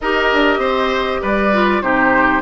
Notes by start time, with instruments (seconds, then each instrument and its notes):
0.00 bassoon D#4, clarinet G4, oboe A#4, flute D#5
0.32 bassoon D4
0.58 bassoon C4, oboe C5
1.21 bassoon G3, oboe B4, flute D5
1.53 clarinet F4
1.81 bassoon C3, clarinet D#4, oboe G4, flute C5